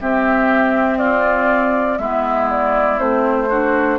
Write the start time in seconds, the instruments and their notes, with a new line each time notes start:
0.00 clarinet C4, bassoon C4, oboe G4, flute E5
0.97 oboe F4, flute D5
1.97 bassoon G#3, clarinet B3, oboe E4, flute E5
2.49 flute D5
2.96 bassoon A3, clarinet C4, flute C5
3.49 clarinet D4, oboe F#4